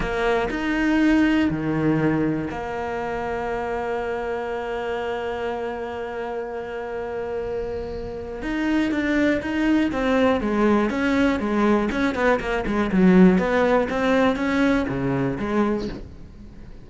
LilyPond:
\new Staff \with { instrumentName = "cello" } { \time 4/4 \tempo 4 = 121 ais4 dis'2 dis4~ | dis4 ais2.~ | ais1~ | ais1~ |
ais4 dis'4 d'4 dis'4 | c'4 gis4 cis'4 gis4 | cis'8 b8 ais8 gis8 fis4 b4 | c'4 cis'4 cis4 gis4 | }